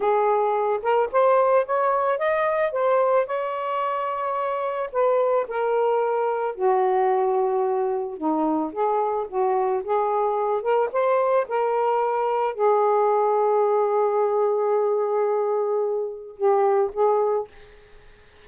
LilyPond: \new Staff \with { instrumentName = "saxophone" } { \time 4/4 \tempo 4 = 110 gis'4. ais'8 c''4 cis''4 | dis''4 c''4 cis''2~ | cis''4 b'4 ais'2 | fis'2. dis'4 |
gis'4 fis'4 gis'4. ais'8 | c''4 ais'2 gis'4~ | gis'1~ | gis'2 g'4 gis'4 | }